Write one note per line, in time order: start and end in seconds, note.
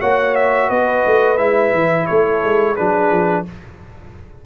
0.00 0.70 A#3
0.00 1.38 F#4
0.00 0.69 C#5
0.00 0.35 F#5
0.35 0.70 E5
0.69 1.05 B3
0.69 2.07 B4
0.69 1.37 D#5
1.06 1.39 A3
1.37 1.73 G#3
1.37 2.76 E4
1.37 2.06 E5
1.73 2.07 E3
2.07 2.44 A3
2.07 2.75 A4
2.07 2.76 C#5
2.44 2.78 G#3
2.75 3.11 F#3
2.75 3.46 D4
2.75 3.44 G#4
2.75 3.45 B4
3.11 3.46 F3